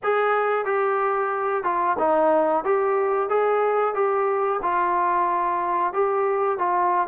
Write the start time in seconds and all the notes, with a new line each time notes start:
0.03 G#4
0.65 G4
1.63 F4
1.98 D#4
2.64 G4
3.29 G#4
3.94 G4
4.62 F4
5.93 G4
6.58 F4